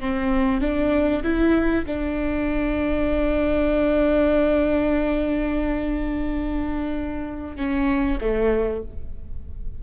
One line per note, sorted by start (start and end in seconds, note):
0.00 0.61 C4
0.61 1.23 D4
1.23 1.85 E4
1.86 7.56 D4
7.56 8.18 C#4
8.21 8.83 A3